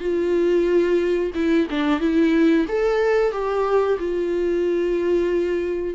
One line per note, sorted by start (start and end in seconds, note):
0.00 1.32 F4
1.35 1.68 E4
1.71 2.00 D4
2.00 2.66 E4
2.68 3.32 A4
3.32 3.98 G4
3.99 5.95 F4